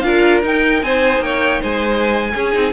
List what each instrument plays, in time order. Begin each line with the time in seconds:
0.00 cello D4, viola F4, violin A#4 F5
0.43 viola D#4, cello D#4, violin G5
0.83 cello C4, violin C5 G#5
1.20 cello A#3, violin C#5 G5
1.62 cello G#3, violin C5 G#5
2.35 viola C#4, cello C#4, violin G#4
2.53 cello C4, viola D#4